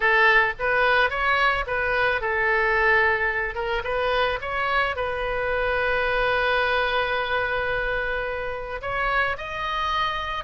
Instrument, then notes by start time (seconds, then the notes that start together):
oboe
0.00 A4
0.59 B4
1.09 C#5
1.66 B4
2.21 A4
3.55 A#4
3.84 B4
4.41 C#5
4.95 B4
8.81 C#5
9.37 D#5